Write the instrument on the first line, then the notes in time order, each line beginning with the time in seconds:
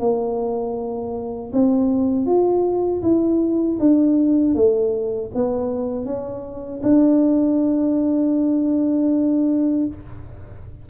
tuba
0.00 A#3
1.53 C4
2.26 F4
3.02 E4
3.80 D4
4.55 A3
5.35 B3
6.06 C#4
6.83 D4